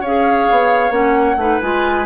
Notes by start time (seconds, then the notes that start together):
0.00 C#4 G#4 C#5 F5
0.50 B3
0.89 A#3 C#4 F#5
1.36 A3 D#4 B4
1.61 G#3 F4 G#5